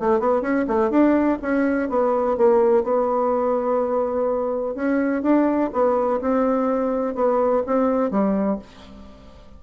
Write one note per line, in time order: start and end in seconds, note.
0.00 0.20 A3
0.20 0.42 B3
0.42 0.66 C#4
0.68 0.91 A3
0.91 1.39 D4
1.42 1.90 C#4
1.90 2.38 B3
2.38 2.84 A#3
2.84 4.75 B3
4.75 5.23 C#4
5.23 5.71 D4
5.73 6.21 B3
6.22 7.15 C4
7.15 7.63 B3
7.67 8.11 C4
8.11 8.59 G3